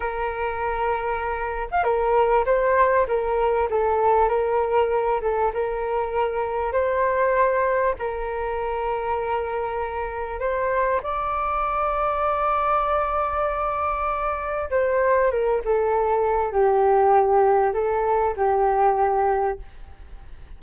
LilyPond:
\new Staff \with { instrumentName = "flute" } { \time 4/4 \tempo 4 = 98 ais'2~ ais'8. f''16 ais'4 | c''4 ais'4 a'4 ais'4~ | ais'8 a'8 ais'2 c''4~ | c''4 ais'2.~ |
ais'4 c''4 d''2~ | d''1 | c''4 ais'8 a'4. g'4~ | g'4 a'4 g'2 | }